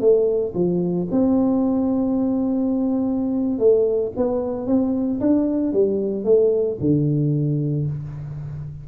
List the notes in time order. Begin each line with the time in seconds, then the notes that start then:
0.00 A3
0.54 F3
1.11 C4
3.59 A3
4.16 B3
4.67 C4
5.20 D4
5.73 G3
6.24 A3
6.80 D3